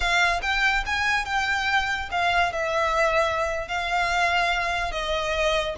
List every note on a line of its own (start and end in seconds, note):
0.00 0.40 F5
0.42 0.84 G5
0.85 1.25 G#5
1.25 2.09 G5
2.11 2.52 F5
2.52 3.68 E5
3.68 4.91 F5
4.91 5.75 D#5